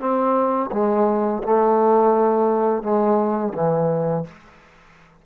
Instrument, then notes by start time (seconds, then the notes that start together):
trombone
0.00 C4
0.72 G#3
1.43 A3
2.83 G#3
3.54 E3